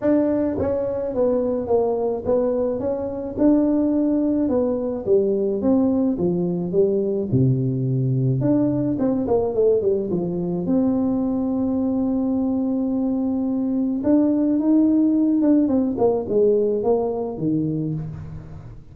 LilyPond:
\new Staff \with { instrumentName = "tuba" } { \time 4/4 \tempo 4 = 107 d'4 cis'4 b4 ais4 | b4 cis'4 d'2 | b4 g4 c'4 f4 | g4 c2 d'4 |
c'8 ais8 a8 g8 f4 c'4~ | c'1~ | c'4 d'4 dis'4. d'8 | c'8 ais8 gis4 ais4 dis4 | }